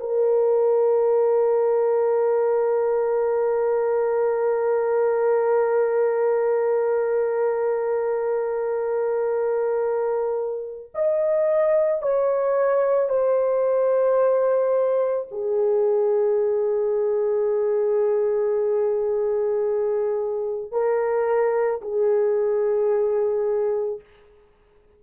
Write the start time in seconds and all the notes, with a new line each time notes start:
0.00 A#4
10.95 D#5
12.02 C#5
13.09 C5
15.32 G#4
20.72 A#4
21.82 G#4